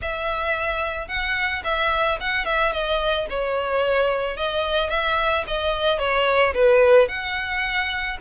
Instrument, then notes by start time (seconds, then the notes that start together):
violin
0.01 E5
1.08 F#5
1.64 E5
2.20 F#5
2.45 E5
2.72 D#5
3.29 C#5
4.37 D#5
4.89 E5
5.47 D#5
5.99 C#5
6.53 B4
7.08 F#5